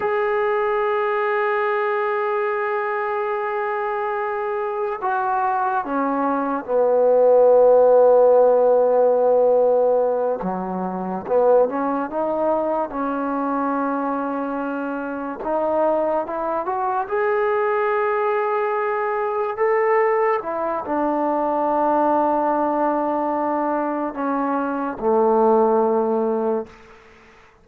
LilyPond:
\new Staff \with { instrumentName = "trombone" } { \time 4/4 \tempo 4 = 72 gis'1~ | gis'2 fis'4 cis'4 | b1~ | b8 fis4 b8 cis'8 dis'4 cis'8~ |
cis'2~ cis'8 dis'4 e'8 | fis'8 gis'2. a'8~ | a'8 e'8 d'2.~ | d'4 cis'4 a2 | }